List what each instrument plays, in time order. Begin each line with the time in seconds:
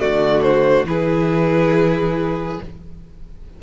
0.00 cello D3, viola A3, violin F#4 D5
0.42 violin C5
0.85 cello E3, viola E4, violin G#4 B4